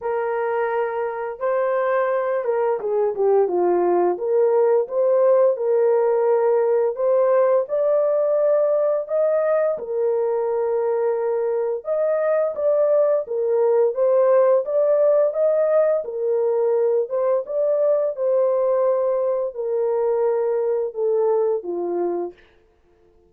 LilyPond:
\new Staff \with { instrumentName = "horn" } { \time 4/4 \tempo 4 = 86 ais'2 c''4. ais'8 | gis'8 g'8 f'4 ais'4 c''4 | ais'2 c''4 d''4~ | d''4 dis''4 ais'2~ |
ais'4 dis''4 d''4 ais'4 | c''4 d''4 dis''4 ais'4~ | ais'8 c''8 d''4 c''2 | ais'2 a'4 f'4 | }